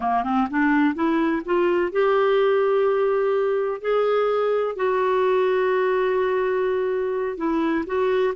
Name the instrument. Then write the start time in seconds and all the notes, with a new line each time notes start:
clarinet
0.00 A#3
0.23 C4
0.50 D4
0.94 E4
1.45 F4
1.92 G4
3.81 G#4
4.76 F#4
7.37 E4
7.86 F#4